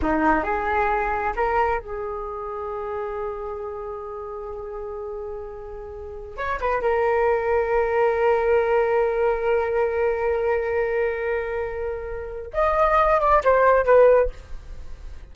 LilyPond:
\new Staff \with { instrumentName = "flute" } { \time 4/4 \tempo 4 = 134 dis'4 gis'2 ais'4 | gis'1~ | gis'1~ | gis'2~ gis'16 cis''8 b'8 ais'8.~ |
ais'1~ | ais'1~ | ais'1 | dis''4. d''8 c''4 b'4 | }